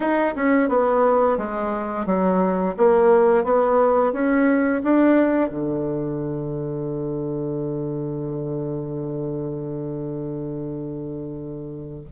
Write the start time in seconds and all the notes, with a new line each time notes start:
0.00 D#4
0.35 C#4
0.69 B3
1.37 G#3
2.06 F#3
2.77 A#3
3.44 B3
4.13 C#4
4.83 D4
5.50 D3